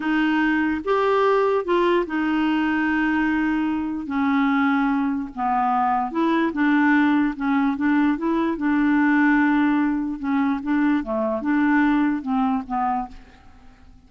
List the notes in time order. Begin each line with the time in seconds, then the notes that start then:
0.00 D#4
0.84 G4
1.64 F4
2.06 D#4
4.06 C#4
5.35 B3
6.11 E4
6.53 D4
7.36 C#4
7.76 D4
8.17 E4
8.57 D4
10.19 C#4
10.62 D4
11.03 A3
11.41 D4
12.22 C4
12.67 B3